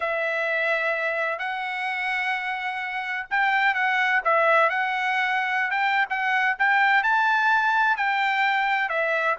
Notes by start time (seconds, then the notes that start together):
0.00 E5
1.38 F#5
3.30 G5
3.74 F#5
4.24 E5
4.69 F#5
5.71 G5
6.09 F#5
6.58 G5
7.03 A5
7.96 G5
8.89 E5